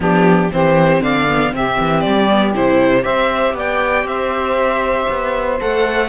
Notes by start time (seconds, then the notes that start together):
0.00 F3 B3 D4 G4
0.51 E3 C4 G4 C5
0.99 D3 D5 F5
1.27 B3
1.51 C3 C4 G4 E5
1.80 E3
2.00 G3 D5
2.29 B3
2.53 C3 E4 C5
3.01 C4 G4 C5 E5
3.53 B3 D5 G5
4.03 C4 C5 E5
5.09 B3
5.60 A3 A4 F#5